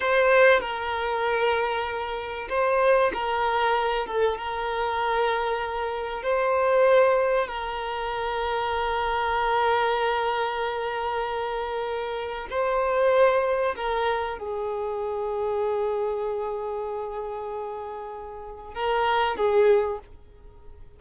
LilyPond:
\new Staff \with { instrumentName = "violin" } { \time 4/4 \tempo 4 = 96 c''4 ais'2. | c''4 ais'4. a'8 ais'4~ | ais'2 c''2 | ais'1~ |
ais'1 | c''2 ais'4 gis'4~ | gis'1~ | gis'2 ais'4 gis'4 | }